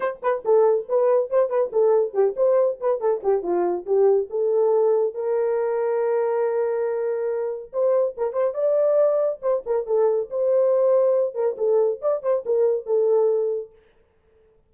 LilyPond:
\new Staff \with { instrumentName = "horn" } { \time 4/4 \tempo 4 = 140 c''8 b'8 a'4 b'4 c''8 b'8 | a'4 g'8 c''4 b'8 a'8 g'8 | f'4 g'4 a'2 | ais'1~ |
ais'2 c''4 ais'8 c''8 | d''2 c''8 ais'8 a'4 | c''2~ c''8 ais'8 a'4 | d''8 c''8 ais'4 a'2 | }